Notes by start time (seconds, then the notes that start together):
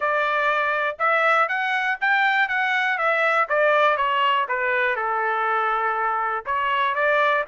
0.00 D5
0.98 E5
1.48 F#5
2.00 G5
2.48 F#5
2.98 E5
3.48 D5
3.97 C#5
4.48 B4
4.96 A4
6.45 C#5
6.94 D5